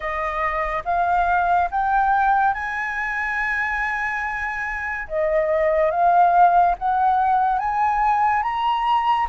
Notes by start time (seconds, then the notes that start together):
0.00 D#5
0.85 F5
1.71 G5
2.54 G#5
5.08 D#5
5.90 F5
6.78 F#5
7.58 G#5
8.42 A#5